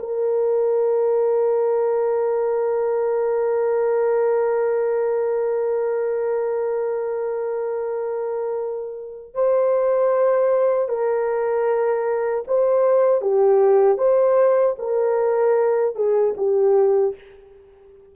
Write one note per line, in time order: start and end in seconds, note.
0.00 9.34 A#4
9.34 10.89 C5
10.89 12.45 A#4
12.48 13.21 C5
13.21 13.98 G4
13.98 14.76 C5
14.79 15.96 A#4
15.96 16.35 G#4
16.37 17.15 G4